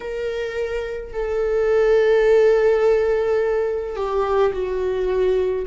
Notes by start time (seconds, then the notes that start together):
0.00 A#4
1.13 A4
3.96 G4
4.52 F#4